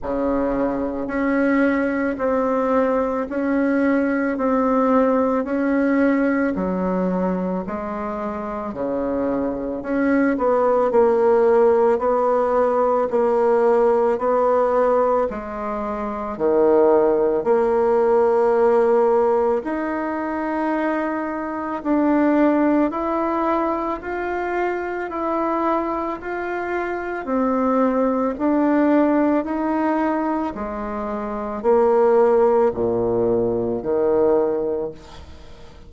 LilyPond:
\new Staff \with { instrumentName = "bassoon" } { \time 4/4 \tempo 4 = 55 cis4 cis'4 c'4 cis'4 | c'4 cis'4 fis4 gis4 | cis4 cis'8 b8 ais4 b4 | ais4 b4 gis4 dis4 |
ais2 dis'2 | d'4 e'4 f'4 e'4 | f'4 c'4 d'4 dis'4 | gis4 ais4 ais,4 dis4 | }